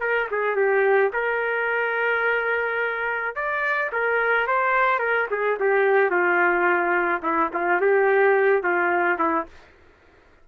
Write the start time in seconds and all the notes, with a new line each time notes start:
0.00 A#4
0.31 G#4
0.56 G4
1.13 A#4
3.35 D5
3.92 A#4
4.47 C5
4.99 A#4
5.30 G#4
5.60 G4
6.11 F4
7.22 E4
7.53 F4
7.81 G4
8.63 F4
9.18 E4